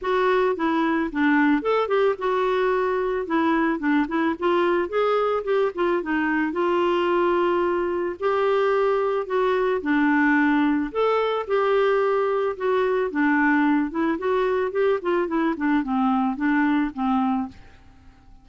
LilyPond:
\new Staff \with { instrumentName = "clarinet" } { \time 4/4 \tempo 4 = 110 fis'4 e'4 d'4 a'8 g'8 | fis'2 e'4 d'8 e'8 | f'4 gis'4 g'8 f'8 dis'4 | f'2. g'4~ |
g'4 fis'4 d'2 | a'4 g'2 fis'4 | d'4. e'8 fis'4 g'8 f'8 | e'8 d'8 c'4 d'4 c'4 | }